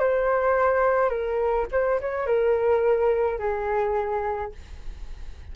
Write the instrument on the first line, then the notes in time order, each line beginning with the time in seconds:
flute
0.00 C5
1.10 A#4
1.72 C5
2.01 C#5
2.27 A#4
3.39 G#4